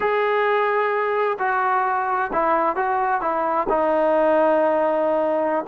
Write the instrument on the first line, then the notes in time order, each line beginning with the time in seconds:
trombone
0.00 G#4
1.38 F#4
2.32 E4
2.76 F#4
3.21 E4
3.69 D#4